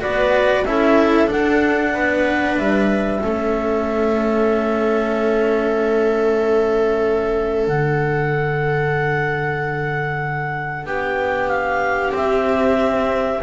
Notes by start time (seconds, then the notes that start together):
0.00 B3 F#4 B4 D5
0.65 C#4 E4 A4 E5
1.27 D4 F#5
1.94 B3 B4
2.57 G3 E5
3.22 A3 C#4 A4
7.67 D3 D4 F#5
10.86 B3 G4 G5
11.48 F5
12.12 C4 E5